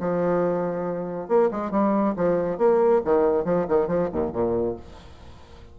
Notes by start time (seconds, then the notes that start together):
0.00 F3
1.28 A#3
1.51 G#3
1.71 G3
2.16 F3
2.58 A#3
3.05 D#3
3.44 F3
3.68 D#3
3.87 F3
4.12 D#2
4.32 A#2